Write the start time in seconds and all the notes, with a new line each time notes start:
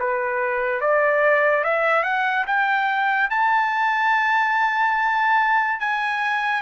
0.00 B4
0.81 D5
1.64 E5
2.03 F#5
2.47 G5
3.30 A5
5.80 G#5